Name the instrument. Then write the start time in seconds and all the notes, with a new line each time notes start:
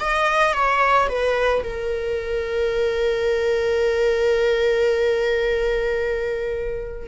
viola
0.00 D#5
0.54 C#5
1.09 B4
1.64 A#4